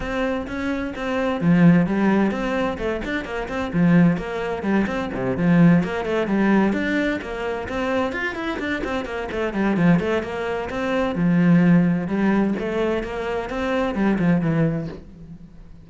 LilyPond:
\new Staff \with { instrumentName = "cello" } { \time 4/4 \tempo 4 = 129 c'4 cis'4 c'4 f4 | g4 c'4 a8 d'8 ais8 c'8 | f4 ais4 g8 c'8 c8 f8~ | f8 ais8 a8 g4 d'4 ais8~ |
ais8 c'4 f'8 e'8 d'8 c'8 ais8 | a8 g8 f8 a8 ais4 c'4 | f2 g4 a4 | ais4 c'4 g8 f8 e4 | }